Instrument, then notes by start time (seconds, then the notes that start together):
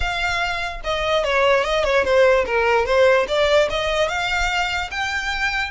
violin
0.00 F5
0.84 D#5
1.24 C#5
1.63 D#5
1.84 C#5
2.04 C5
2.45 A#4
2.85 C5
3.28 D5
3.70 D#5
4.08 F5
4.91 G5